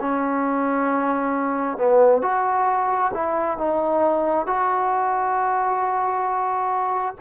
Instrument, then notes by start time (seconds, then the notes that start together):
trombone
0.00 C#4
1.77 B3
2.21 F#4
3.13 E4
3.58 D#4
4.46 F#4